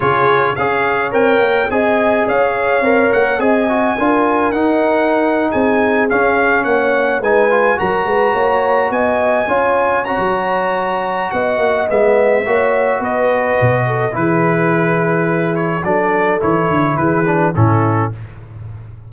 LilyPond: <<
  \new Staff \with { instrumentName = "trumpet" } { \time 4/4 \tempo 4 = 106 cis''4 f''4 g''4 gis''4 | f''4. fis''8 gis''2 | fis''4.~ fis''16 gis''4 f''4 fis''16~ | fis''8. gis''4 ais''2 gis''16~ |
gis''4.~ gis''16 ais''2~ ais''16 | fis''4 e''2 dis''4~ | dis''4 b'2~ b'8 cis''8 | d''4 cis''4 b'4 a'4 | }
  \new Staff \with { instrumentName = "horn" } { \time 4/4 gis'4 cis''2 dis''4 | cis''2 dis''4 ais'4~ | ais'4.~ ais'16 gis'2 cis''16~ | cis''8. b'4 ais'8 b'8 cis''4 dis''16~ |
dis''8. cis''2.~ cis''16 | dis''2 cis''4 b'4~ | b'8 a'8 gis'2. | a'2 gis'4 e'4 | }
  \new Staff \with { instrumentName = "trombone" } { \time 4/4 f'4 gis'4 ais'4 gis'4~ | gis'4 ais'4 gis'8 fis'8 f'4 | dis'2~ dis'8. cis'4~ cis'16~ | cis'8. dis'8 f'8 fis'2~ fis'16~ |
fis'8. f'4 fis'2~ fis'16~ | fis'4 b4 fis'2~ | fis'4 e'2. | d'4 e'4. d'8 cis'4 | }
  \new Staff \with { instrumentName = "tuba" } { \time 4/4 cis4 cis'4 c'8 ais8 c'4 | cis'4 c'8 ais8 c'4 d'4 | dis'4.~ dis'16 c'4 cis'4 ais16~ | ais8. gis4 fis8 gis8 ais4 b16~ |
b8. cis'4~ cis'16 fis2 | b8 ais8 gis4 ais4 b4 | b,4 e2. | fis4 e8 d8 e4 a,4 | }
>>